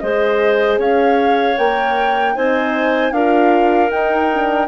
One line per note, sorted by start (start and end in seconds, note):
0.00 0.78 G#3
0.00 1.58 G#4
0.00 0.79 C5
0.00 0.78 D#5
0.78 1.56 C#4
0.78 2.35 C#5
0.78 1.58 F5
1.58 2.37 A#3
1.58 2.36 A#4
1.58 2.36 G5
2.35 3.12 C4
2.35 3.13 D#4
2.35 3.13 C5
2.35 3.13 G#5
3.12 3.90 D4
3.12 3.90 F4
3.12 4.68 A#4
3.12 3.91 F5
3.90 4.29 D#4
3.90 4.68 D#4
3.90 4.68 G5
4.34 4.68 D4